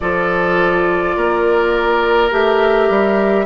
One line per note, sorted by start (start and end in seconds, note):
0.00 1.16 F3
0.00 2.31 F4
0.00 1.16 A4
0.00 2.30 D5
1.16 2.31 A#3
1.16 3.45 A#4
2.31 2.89 A3
2.31 3.45 G4
2.31 3.45 E5
2.89 3.45 G3